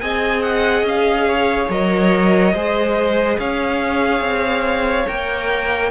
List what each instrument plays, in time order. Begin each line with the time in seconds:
0.00 cello C4, viola G#4, violin D#5 G#5
0.42 violin F#5
0.83 cello C#4, violin F5
1.28 violin C#5
1.69 cello F#3, viola A#4, violin D#5
2.53 cello G#3, viola G#4, violin C5
3.39 cello C#4, violin C#5 F5
4.20 cello C4
5.07 cello A#3, viola A#4, violin G5